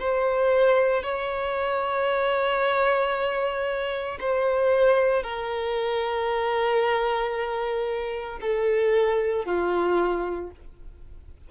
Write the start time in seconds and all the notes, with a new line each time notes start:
0.00 C5
1.03 C#5
4.21 C5
5.23 A#4
8.41 A4
9.45 F4